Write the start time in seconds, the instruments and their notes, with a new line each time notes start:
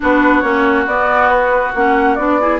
0.00 bassoon B3, clarinet D4, oboe F#4, flute B4
0.40 bassoon A#3, clarinet C#4, flute C#5
0.86 bassoon B3, clarinet B3, flute D5
1.29 flute B4
1.74 bassoon A#3, clarinet C#4, flute F#5
2.15 bassoon B3, clarinet D4, flute D5
2.40 clarinet E4, oboe G#4